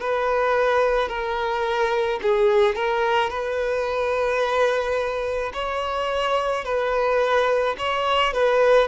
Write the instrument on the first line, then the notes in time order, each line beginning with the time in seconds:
violin
0.00 B4
1.09 A#4
2.22 G#4
2.75 A#4
3.30 B4
5.53 C#5
6.65 B4
7.78 C#5
8.33 B4